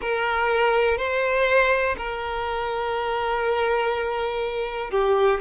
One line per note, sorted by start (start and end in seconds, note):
0.01 0.97 A#4
0.97 1.95 C5
1.97 4.90 A#4
4.90 5.40 G4